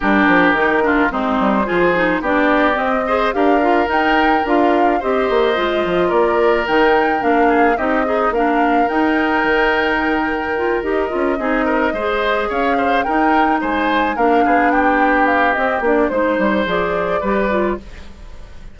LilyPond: <<
  \new Staff \with { instrumentName = "flute" } { \time 4/4 \tempo 4 = 108 ais'2 c''2 | d''4 dis''4 f''4 g''4 | f''4 dis''2 d''4 | g''4 f''4 dis''4 f''4 |
g''2.~ g''8 dis''8~ | dis''2~ dis''8 f''4 g''8~ | g''8 gis''4 f''4 g''4 f''8 | dis''8 d''8 c''4 d''2 | }
  \new Staff \with { instrumentName = "oboe" } { \time 4/4 g'4. f'8 dis'4 gis'4 | g'4. c''8 ais'2~ | ais'4 c''2 ais'4~ | ais'4. gis'8 g'8 dis'8 ais'4~ |
ais'1~ | ais'8 gis'8 ais'8 c''4 cis''8 c''8 ais'8~ | ais'8 c''4 ais'8 gis'8 g'4.~ | g'4 c''2 b'4 | }
  \new Staff \with { instrumentName = "clarinet" } { \time 4/4 d'4 dis'8 d'8 c'4 f'8 dis'8 | d'4 c'8 gis'8 g'8 f'8 dis'4 | f'4 g'4 f'2 | dis'4 d'4 dis'8 gis'8 d'4 |
dis'2. f'8 g'8 | f'8 dis'4 gis'2 dis'8~ | dis'4. d'2~ d'8 | c'8 d'8 dis'4 gis'4 g'8 f'8 | }
  \new Staff \with { instrumentName = "bassoon" } { \time 4/4 g8 f8 dis4 gis8 g8 f4 | b4 c'4 d'4 dis'4 | d'4 c'8 ais8 gis8 f8 ais4 | dis4 ais4 c'4 ais4 |
dis'4 dis2~ dis8 dis'8 | cis'8 c'4 gis4 cis'4 dis'8~ | dis'8 gis4 ais8 b2 | c'8 ais8 gis8 g8 f4 g4 | }
>>